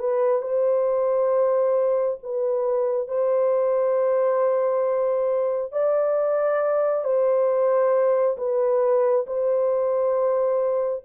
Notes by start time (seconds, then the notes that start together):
0.00 B4
0.42 C5
2.23 B4
3.08 C5
5.73 D5
7.04 C5
8.38 B4
9.27 C5